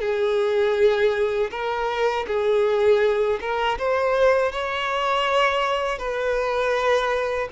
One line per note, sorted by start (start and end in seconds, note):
0.00 1.50 G#4
1.51 2.26 A#4
2.27 3.39 G#4
3.40 3.78 A#4
3.78 4.52 C5
4.52 5.98 C#5
5.98 7.48 B4